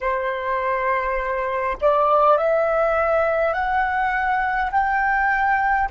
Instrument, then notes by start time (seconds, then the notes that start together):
flute
0.01 C5
1.81 D5
2.37 E5
3.53 F#5
4.71 G5